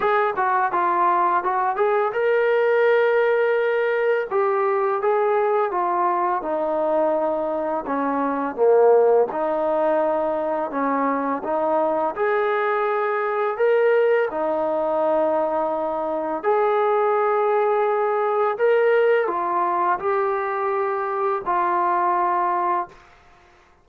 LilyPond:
\new Staff \with { instrumentName = "trombone" } { \time 4/4 \tempo 4 = 84 gis'8 fis'8 f'4 fis'8 gis'8 ais'4~ | ais'2 g'4 gis'4 | f'4 dis'2 cis'4 | ais4 dis'2 cis'4 |
dis'4 gis'2 ais'4 | dis'2. gis'4~ | gis'2 ais'4 f'4 | g'2 f'2 | }